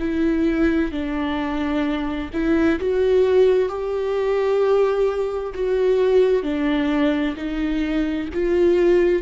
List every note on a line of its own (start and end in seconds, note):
0.00 0.92 E4
0.92 2.31 D4
2.33 2.79 E4
2.80 3.69 F#4
3.69 5.54 G4
5.55 6.43 F#4
6.43 7.36 D4
7.37 8.29 D#4
8.34 9.23 F4